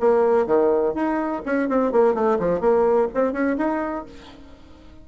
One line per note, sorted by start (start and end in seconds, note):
0.00 0.46 A#3
0.46 0.94 D#3
0.94 1.42 D#4
1.46 1.69 C#4
1.69 1.92 C4
1.92 2.14 A#3
2.14 2.38 A3
2.40 2.60 F3
2.60 3.08 A#3
3.14 3.33 C4
3.33 3.57 C#4
3.58 4.06 D#4